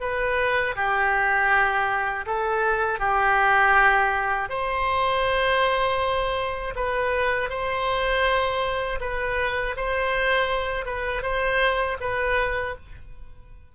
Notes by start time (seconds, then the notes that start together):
0.00 B4
0.75 G4
2.26 A4
2.99 G4
4.49 C5
6.75 B4
7.49 C5
9.00 B4
9.76 C5
10.85 B4
11.22 C5
12.00 B4